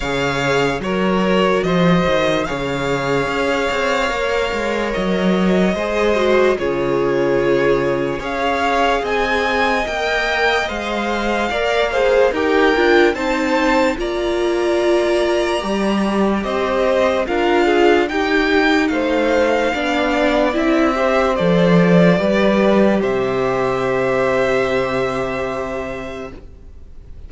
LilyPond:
<<
  \new Staff \with { instrumentName = "violin" } { \time 4/4 \tempo 4 = 73 f''4 cis''4 dis''4 f''4~ | f''2 dis''2 | cis''2 f''4 gis''4 | g''4 f''2 g''4 |
a''4 ais''2. | dis''4 f''4 g''4 f''4~ | f''4 e''4 d''2 | e''1 | }
  \new Staff \with { instrumentName = "violin" } { \time 4/4 cis''4 ais'4 c''4 cis''4~ | cis''2. c''4 | gis'2 cis''4 dis''4~ | dis''2 d''8 c''8 ais'4 |
c''4 d''2. | c''4 ais'8 gis'8 g'4 c''4 | d''4. c''4. b'4 | c''1 | }
  \new Staff \with { instrumentName = "viola" } { \time 4/4 gis'4 fis'2 gis'4~ | gis'4 ais'2 gis'8 fis'8 | f'2 gis'2 | ais'4 c''4 ais'8 gis'8 g'8 f'8 |
dis'4 f'2 g'4~ | g'4 f'4 dis'2 | d'4 e'8 g'8 a'4 g'4~ | g'1 | }
  \new Staff \with { instrumentName = "cello" } { \time 4/4 cis4 fis4 f8 dis8 cis4 | cis'8 c'8 ais8 gis8 fis4 gis4 | cis2 cis'4 c'4 | ais4 gis4 ais4 dis'8 d'8 |
c'4 ais2 g4 | c'4 d'4 dis'4 a4 | b4 c'4 f4 g4 | c1 | }
>>